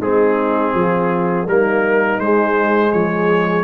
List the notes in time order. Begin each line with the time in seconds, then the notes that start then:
0.00 G#3 C4 D#4 G#4
0.74 F3 F4
1.46 G3 A#3 D#4 A#4
2.19 G#3 C5
2.90 F3 G#4 C#5